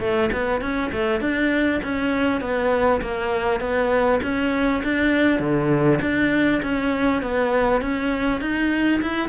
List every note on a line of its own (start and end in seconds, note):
0.00 0.30 A3
0.32 0.61 B3
0.61 0.91 C#4
0.92 1.21 A3
1.21 1.81 D4
1.84 2.41 C#4
2.41 3.01 B3
3.01 3.60 A#3
3.60 4.20 B3
4.22 4.82 C#4
4.84 5.39 D4
5.39 5.99 D3
6.01 6.61 D4
6.62 7.22 C#4
7.22 7.81 B3
7.81 8.41 C#4
8.41 9.01 D#4
9.02 9.29 E4